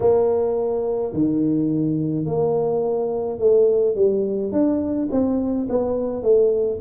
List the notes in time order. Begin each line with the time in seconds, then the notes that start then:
0.00 A#3
1.13 D#3
2.25 A#3
3.38 A3
3.95 G3
4.51 D4
5.11 C4
5.69 B3
6.23 A3